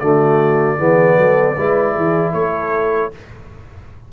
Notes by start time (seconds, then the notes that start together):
0.00 D3 A3 F#4 D5
0.78 E3 B3 G#4
1.18 F#3 A4
1.56 G#3 E4 B4
1.94 E3 G#4
2.33 A3 A4 C#5